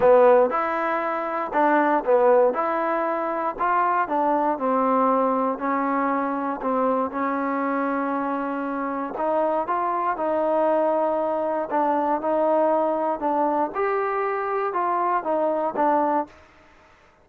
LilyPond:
\new Staff \with { instrumentName = "trombone" } { \time 4/4 \tempo 4 = 118 b4 e'2 d'4 | b4 e'2 f'4 | d'4 c'2 cis'4~ | cis'4 c'4 cis'2~ |
cis'2 dis'4 f'4 | dis'2. d'4 | dis'2 d'4 g'4~ | g'4 f'4 dis'4 d'4 | }